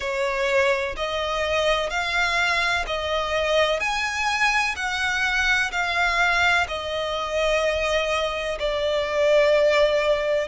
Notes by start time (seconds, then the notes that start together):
0.00 C#5
0.96 D#5
1.90 F5
2.87 D#5
3.80 G#5
4.76 F#5
5.71 F5
6.68 D#5
8.59 D5